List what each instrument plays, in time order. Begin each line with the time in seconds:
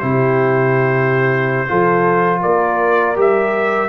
0.00 tuba C3, trombone E4, horn G4, trumpet C5
1.69 tuba F3, trombone F4, horn A4
2.41 tuba A#3, horn A#4, trumpet D5
3.17 tuba G3, trombone G4, trumpet E5